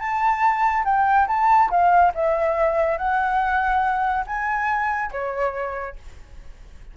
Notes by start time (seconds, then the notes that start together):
0.00 A5
0.85 G5
1.28 A5
1.71 F5
2.15 E5
2.98 F#5
4.27 G#5
5.12 C#5